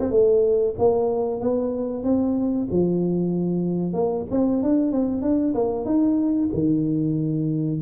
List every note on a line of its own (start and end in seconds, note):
0.00 0.11 C4
0.11 0.75 A3
0.79 1.41 A#3
1.41 2.04 B3
2.04 2.68 C4
2.71 3.93 F3
3.93 4.25 A#3
4.31 4.63 C4
4.63 4.92 D4
4.92 5.23 C4
5.23 5.54 D4
5.55 5.86 A#3
5.86 6.50 D#4
6.54 7.82 D#3